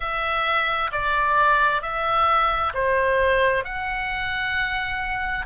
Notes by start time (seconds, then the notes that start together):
0.00 E5
0.91 D5
1.81 E5
2.74 C5
3.64 F#5